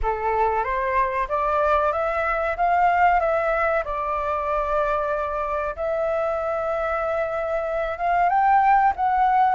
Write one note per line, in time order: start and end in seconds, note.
0.02 0.64 A4
0.64 1.27 C5
1.28 1.92 D5
1.92 2.56 E5
2.56 3.19 F5
3.19 3.83 E5
3.84 5.75 D5
5.76 7.98 E5
7.98 8.29 F5
8.29 8.93 G5
8.96 9.54 F#5